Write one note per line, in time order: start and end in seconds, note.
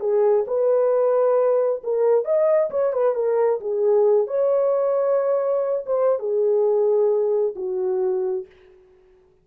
0.00 0.45 G#4
0.47 1.83 B4
1.84 2.25 A#4
2.25 2.70 D#5
2.70 2.93 C#5
2.93 3.15 B4
3.15 3.60 A#4
3.61 4.27 G#4
4.27 5.85 C#5
5.86 6.19 C5
6.19 7.55 G#4
7.56 8.46 F#4